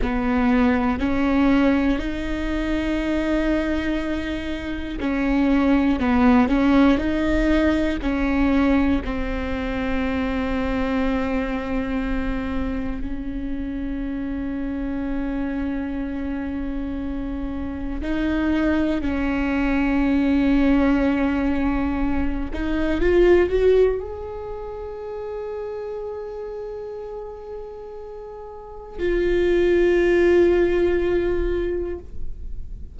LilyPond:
\new Staff \with { instrumentName = "viola" } { \time 4/4 \tempo 4 = 60 b4 cis'4 dis'2~ | dis'4 cis'4 b8 cis'8 dis'4 | cis'4 c'2.~ | c'4 cis'2.~ |
cis'2 dis'4 cis'4~ | cis'2~ cis'8 dis'8 f'8 fis'8 | gis'1~ | gis'4 f'2. | }